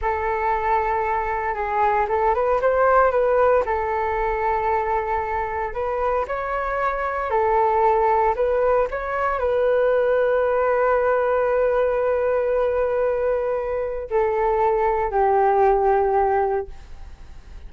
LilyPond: \new Staff \with { instrumentName = "flute" } { \time 4/4 \tempo 4 = 115 a'2. gis'4 | a'8 b'8 c''4 b'4 a'4~ | a'2. b'4 | cis''2 a'2 |
b'4 cis''4 b'2~ | b'1~ | b'2. a'4~ | a'4 g'2. | }